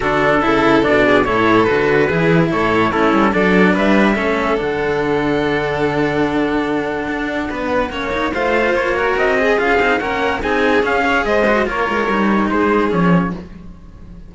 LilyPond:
<<
  \new Staff \with { instrumentName = "trumpet" } { \time 4/4 \tempo 4 = 144 a'2 d''4 cis''4 | b'2 cis''4 a'4 | d''4 e''2 fis''4~ | fis''1~ |
fis''1 | f''4 cis''4 dis''4 f''4 | fis''4 gis''4 f''4 dis''4 | cis''2 c''4 cis''4 | }
  \new Staff \with { instrumentName = "violin" } { \time 4/4 fis'4 a'4. gis'8 a'4~ | a'4 gis'4 a'4 e'4 | a'4 b'4 a'2~ | a'1~ |
a'2 b'4 cis''4 | c''4. ais'4 gis'4. | ais'4 gis'4. cis''8 c''4 | ais'2 gis'2 | }
  \new Staff \with { instrumentName = "cello" } { \time 4/4 d'4 e'4 d'4 e'4 | fis'4 e'2 cis'4 | d'2 cis'4 d'4~ | d'1~ |
d'2. cis'8 dis'8 | f'4. fis'4 gis'8 f'8 dis'8 | cis'4 dis'4 cis'8 gis'4 fis'8 | f'4 dis'2 cis'4 | }
  \new Staff \with { instrumentName = "cello" } { \time 4/4 d4 cis4 b,4 a,4 | d4 e4 a,4 a8 g8 | fis4 g4 a4 d4~ | d1~ |
d4 d'4 b4 ais4 | a4 ais4 c'4 cis'8 c'8 | ais4 c'4 cis'4 gis4 | ais8 gis8 g4 gis4 f4 | }
>>